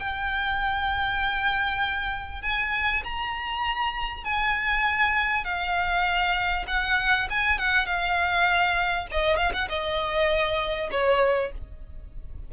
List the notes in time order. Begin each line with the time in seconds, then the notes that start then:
0.00 G5
2.43 G#5
3.04 A#5
4.25 G#5
5.45 F5
6.68 F#5
7.31 G#5
7.59 F#5
7.87 F5
9.12 D#5
9.37 F5
9.54 F#5
9.69 D#5
10.92 C#5